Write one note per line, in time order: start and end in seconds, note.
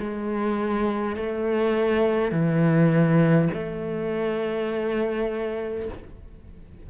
0.00 1.16 G#3
1.16 2.32 A3
2.32 3.49 E3
3.53 5.89 A3